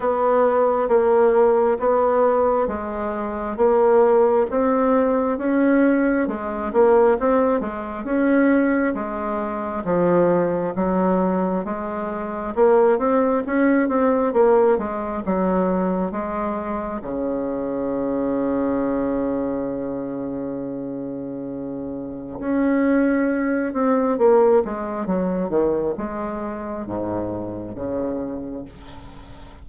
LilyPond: \new Staff \with { instrumentName = "bassoon" } { \time 4/4 \tempo 4 = 67 b4 ais4 b4 gis4 | ais4 c'4 cis'4 gis8 ais8 | c'8 gis8 cis'4 gis4 f4 | fis4 gis4 ais8 c'8 cis'8 c'8 |
ais8 gis8 fis4 gis4 cis4~ | cis1~ | cis4 cis'4. c'8 ais8 gis8 | fis8 dis8 gis4 gis,4 cis4 | }